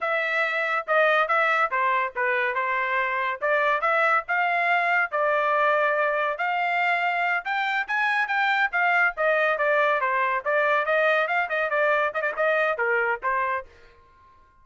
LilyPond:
\new Staff \with { instrumentName = "trumpet" } { \time 4/4 \tempo 4 = 141 e''2 dis''4 e''4 | c''4 b'4 c''2 | d''4 e''4 f''2 | d''2. f''4~ |
f''4. g''4 gis''4 g''8~ | g''8 f''4 dis''4 d''4 c''8~ | c''8 d''4 dis''4 f''8 dis''8 d''8~ | d''8 dis''16 d''16 dis''4 ais'4 c''4 | }